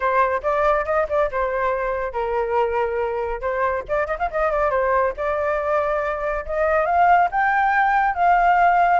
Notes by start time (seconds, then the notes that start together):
0.00 C5
0.42 D5
0.85 D#5
1.09 D5
1.31 C5
2.12 A#4
3.41 C5
3.88 D5
4.06 D#5
4.18 F5
4.31 D#5
4.51 D5
4.70 C5
5.16 D5
6.45 D#5
6.85 F5
7.31 G5
8.14 F5